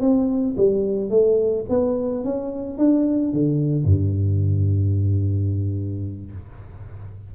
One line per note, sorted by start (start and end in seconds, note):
0.00 0.55 C4
0.57 1.10 G3
1.10 1.65 A3
1.69 2.24 B3
2.24 2.77 C#4
2.77 3.32 D4
3.32 3.84 D3
3.84 6.32 G2